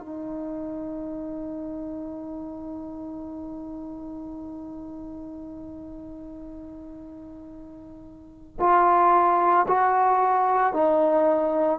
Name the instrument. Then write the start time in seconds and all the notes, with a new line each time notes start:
trombone
0.00 D#4
8.60 F4
9.68 F#4
10.74 D#4